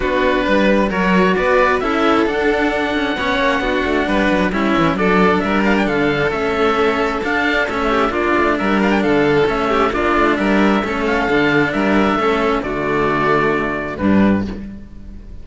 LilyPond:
<<
  \new Staff \with { instrumentName = "oboe" } { \time 4/4 \tempo 4 = 133 b'2 cis''4 d''4 | e''4 fis''2.~ | fis''2 e''4 d''4 | e''8 f''16 g''16 f''4 e''2 |
f''4 e''4 d''4 e''8 f''16 g''16 | f''4 e''4 d''4 e''4~ | e''8 f''4. e''2 | d''2. b'4 | }
  \new Staff \with { instrumentName = "violin" } { \time 4/4 fis'4 b'4 ais'4 b'4 | a'2. cis''4 | fis'4 b'4 e'4 a'4 | ais'4 a'2.~ |
a'4. g'8 f'4 ais'4 | a'4. g'8 f'4 ais'4 | a'2 ais'4 a'4 | fis'2. d'4 | }
  \new Staff \with { instrumentName = "cello" } { \time 4/4 d'2 fis'2 | e'4 d'2 cis'4 | d'2 cis'4 d'4~ | d'2 cis'2 |
d'4 cis'4 d'2~ | d'4 cis'4 d'2 | cis'4 d'2 cis'4 | a2. g4 | }
  \new Staff \with { instrumentName = "cello" } { \time 4/4 b4 g4 fis4 b4 | cis'4 d'4. cis'8 b8 ais8 | b8 a8 g8 fis8 g8 e8 fis4 | g4 d4 a2 |
d'4 a4 ais8 a8 g4 | d4 a4 ais8 a8 g4 | a4 d4 g4 a4 | d2. g,4 | }
>>